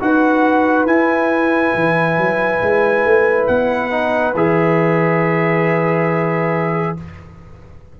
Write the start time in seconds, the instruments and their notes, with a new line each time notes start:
0.00 tuba D#4, trombone F#4, horn B4, trumpet F#5
0.85 tuba E4, trombone E4, trumpet G#5
1.74 tuba E3
2.17 tuba F#3
2.61 tuba G#3
3.04 tuba A3
3.47 tuba B3, trumpet F#5
3.91 trombone D#4
4.34 tuba E3, trombone G#4, trumpet E5